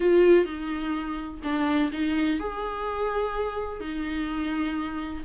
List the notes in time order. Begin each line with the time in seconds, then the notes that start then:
0.00 F4
0.45 D#4
1.43 D4
1.92 D#4
2.39 G#4
3.80 D#4